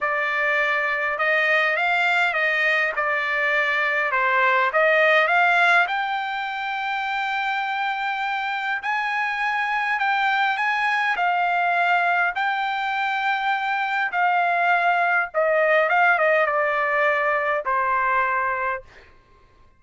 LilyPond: \new Staff \with { instrumentName = "trumpet" } { \time 4/4 \tempo 4 = 102 d''2 dis''4 f''4 | dis''4 d''2 c''4 | dis''4 f''4 g''2~ | g''2. gis''4~ |
gis''4 g''4 gis''4 f''4~ | f''4 g''2. | f''2 dis''4 f''8 dis''8 | d''2 c''2 | }